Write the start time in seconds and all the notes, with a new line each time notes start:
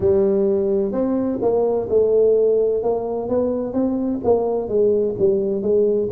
0.00 G3
0.92 C4
1.41 A#3
1.89 A3
2.82 A#3
3.28 B3
3.73 C4
4.24 A#3
4.68 G#3
5.18 G3
5.62 G#3